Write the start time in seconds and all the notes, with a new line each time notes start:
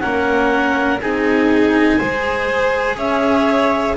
0.00 A#3 C#4 A#4 F#5
1.00 C4 D#4 G#4 G#5
1.98 G#3 G#4 C5
2.96 C#4 C#5 E5